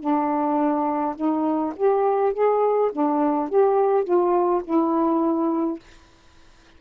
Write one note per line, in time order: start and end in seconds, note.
0.00 1.15 D4
1.16 1.74 D#4
1.76 2.33 G4
2.33 2.91 G#4
2.92 3.49 D4
3.49 4.04 G4
4.04 4.62 F4
4.64 5.80 E4